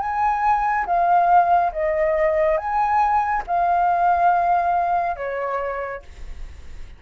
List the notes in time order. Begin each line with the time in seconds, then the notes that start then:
0.00 G#5
0.86 F5
1.72 D#5
2.58 G#5
3.47 F5
5.17 C#5